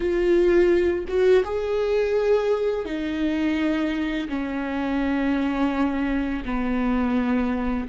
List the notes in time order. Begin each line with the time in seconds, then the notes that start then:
0.00 F4
1.07 F#4
1.44 G#4
2.85 D#4
4.29 C#4
6.44 B3